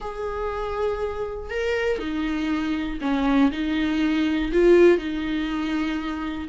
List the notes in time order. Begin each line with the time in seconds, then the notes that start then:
0.00 G#4
1.50 A#4
1.98 D#4
3.01 C#4
3.51 D#4
4.52 F4
4.97 D#4